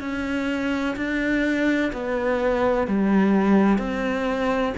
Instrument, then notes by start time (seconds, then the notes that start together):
cello
0.00 C#4
0.96 D4
1.92 B3
2.87 G3
3.78 C4